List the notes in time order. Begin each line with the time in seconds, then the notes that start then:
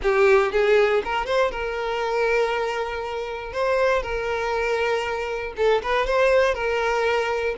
0.02 G4
0.52 G#4
1.04 A#4
1.25 C5
1.51 A#4
3.52 C5
4.02 A#4
5.56 A4
5.82 B4
6.06 C5
6.54 A#4